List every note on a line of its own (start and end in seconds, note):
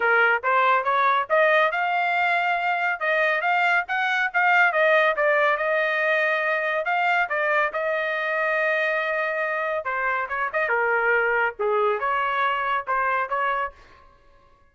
0.00 0.42 A#4
0.43 0.84 C5
0.84 1.26 C#5
1.29 1.71 D#5
1.71 3.00 F5
3.00 3.41 D#5
3.41 3.84 F5
3.87 4.30 F#5
4.33 4.72 F5
4.72 5.15 D#5
5.16 5.57 D5
5.57 6.85 D#5
6.85 7.28 F5
7.29 7.72 D5
7.72 9.84 D#5
9.84 10.27 C5
10.28 10.50 C#5
10.52 10.69 D#5
10.69 11.54 A#4
11.59 11.99 G#4
11.99 12.85 C#5
12.87 13.29 C5
13.29 13.72 C#5